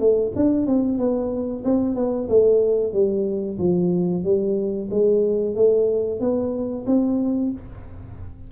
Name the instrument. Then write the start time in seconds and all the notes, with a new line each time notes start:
tuba
0.00 A3
0.36 D4
0.67 C4
0.98 B3
1.65 C4
1.96 B3
2.29 A3
2.93 G3
3.59 F3
4.24 G3
4.91 G#3
5.56 A3
6.20 B3
6.87 C4